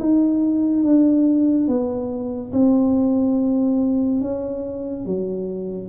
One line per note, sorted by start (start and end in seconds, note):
0.00 0.84 D#4
0.84 1.68 D4
1.68 2.52 B3
2.53 4.22 C4
4.22 5.06 C#4
5.06 5.89 F#3